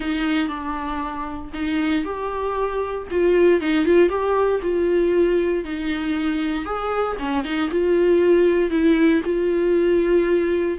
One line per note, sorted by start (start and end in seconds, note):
0.00 0.48 D#4
0.48 1.51 D4
1.53 2.05 D#4
2.05 3.07 G4
3.10 3.60 F4
3.60 3.85 D#4
3.85 4.09 F4
4.09 4.60 G4
4.62 5.64 F4
5.64 6.65 D#4
6.65 7.16 G#4
7.19 7.44 C#4
7.44 7.69 D#4
7.70 8.70 F4
8.70 9.21 E4
9.24 10.78 F4